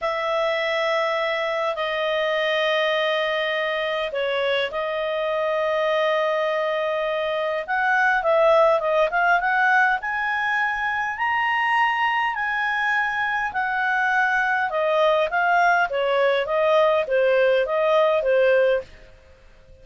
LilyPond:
\new Staff \with { instrumentName = "clarinet" } { \time 4/4 \tempo 4 = 102 e''2. dis''4~ | dis''2. cis''4 | dis''1~ | dis''4 fis''4 e''4 dis''8 f''8 |
fis''4 gis''2 ais''4~ | ais''4 gis''2 fis''4~ | fis''4 dis''4 f''4 cis''4 | dis''4 c''4 dis''4 c''4 | }